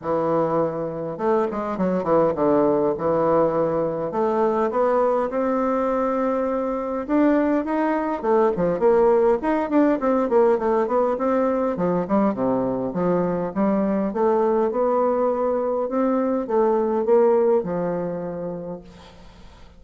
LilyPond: \new Staff \with { instrumentName = "bassoon" } { \time 4/4 \tempo 4 = 102 e2 a8 gis8 fis8 e8 | d4 e2 a4 | b4 c'2. | d'4 dis'4 a8 f8 ais4 |
dis'8 d'8 c'8 ais8 a8 b8 c'4 | f8 g8 c4 f4 g4 | a4 b2 c'4 | a4 ais4 f2 | }